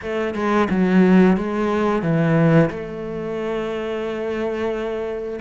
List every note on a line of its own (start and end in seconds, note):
0.02 0.34 A3
0.34 0.67 G#3
0.70 1.36 F#3
1.36 2.02 G#3
2.02 2.69 E3
2.70 5.39 A3